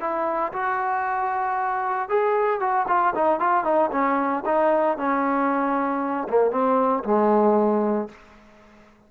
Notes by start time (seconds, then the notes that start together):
0.00 E4
0.52 F#4
2.09 G#4
2.60 F#4
2.87 F4
3.15 D#4
3.39 F4
3.64 D#4
3.91 C#4
4.45 D#4
4.97 C#4
6.29 A#3
6.51 C4
7.04 G#3